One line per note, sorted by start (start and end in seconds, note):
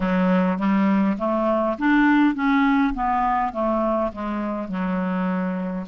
0.00 0.58 F#3
0.58 1.17 G3
1.18 1.76 A3
1.78 2.34 D4
2.34 2.93 C#4
2.94 3.52 B3
3.52 4.11 A3
4.12 4.68 G#3
4.68 5.86 F#3